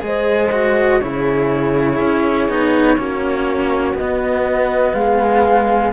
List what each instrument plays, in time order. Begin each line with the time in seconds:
0.00 cello G#3 G#4, horn C5, flute D#5
0.51 cello F#4
1.00 cello C#3 E4, horn G#4, flute C#5
2.00 cello C#4
2.48 cello B3 D#4
2.97 cello A#3 C#4, horn F#4
3.93 cello B3, flute D#5
4.00 cello B3
4.93 cello G#3, horn G#4, flute F5